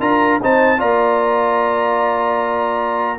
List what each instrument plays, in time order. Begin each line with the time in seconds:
0.00 tuba D4, trombone F4, horn A#4, trumpet A#5
0.41 tuba C4, trombone D#4, horn C5, trumpet A5
0.78 tuba A#3, trombone F4, horn D5, trumpet A#5